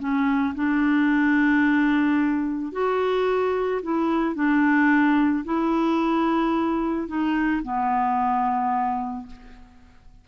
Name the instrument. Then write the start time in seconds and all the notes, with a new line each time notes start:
clarinet
0.00 C#4
0.56 D4
2.73 F#4
3.83 E4
4.36 D4
5.45 E4
7.08 D#4
7.63 B3